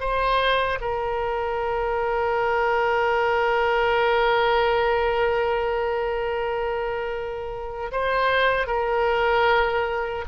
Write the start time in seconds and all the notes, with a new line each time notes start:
0.00 C5
0.81 A#4
7.92 C5
8.67 A#4